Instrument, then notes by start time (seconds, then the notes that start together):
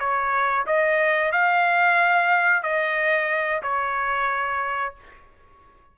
trumpet
0.00 C#5
0.67 D#5
1.32 F5
2.63 D#5
3.63 C#5